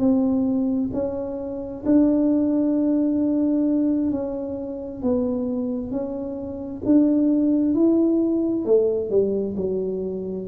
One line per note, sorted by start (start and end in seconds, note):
0.00 0.91 C4
0.94 1.85 C#4
1.86 4.12 D4
4.12 5.02 C#4
5.02 5.92 B3
5.92 6.83 C#4
6.86 7.75 D4
7.75 8.66 E4
8.66 9.10 A3
9.10 9.56 G3
9.57 10.48 F#3